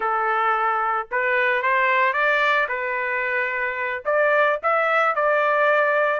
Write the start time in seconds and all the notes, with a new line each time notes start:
0.00 A4
1.11 B4
1.62 C5
2.13 D5
2.68 B4
4.05 D5
4.62 E5
5.15 D5